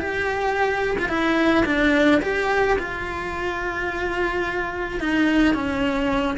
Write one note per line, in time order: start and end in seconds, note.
0.00 0.97 G4
0.99 1.09 F4
1.09 1.65 E4
1.66 2.21 D4
2.22 2.78 G4
2.79 5.01 F4
5.01 5.54 D#4
5.54 6.38 C#4